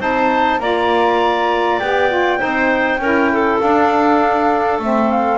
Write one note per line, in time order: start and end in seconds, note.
0.00 0.60 C4
0.00 0.60 D#4
0.00 0.60 C5
0.00 0.60 A5
0.60 1.80 A#3
0.60 1.81 F4
0.60 2.40 D5
0.60 1.79 A#5
1.79 2.41 B3
1.79 2.10 G4
1.79 3.60 G5
2.10 2.39 F4
2.39 2.98 C4
2.39 2.99 D#4
2.39 3.00 C5
2.98 3.58 C#4
2.98 3.61 E4
2.98 3.32 A#4
3.33 5.38 A4
3.61 4.81 D4
3.61 4.79 D4
3.61 4.81 F5
4.79 5.38 A3
4.79 5.38 C4
4.79 5.11 E5
5.11 5.38 F5